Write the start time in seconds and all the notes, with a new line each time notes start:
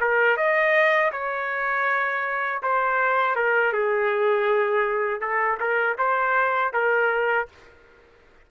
0.00 A#4
0.36 D#5
1.11 C#5
2.62 C5
3.35 A#4
3.72 G#4
5.20 A4
5.59 A#4
5.98 C5
6.73 A#4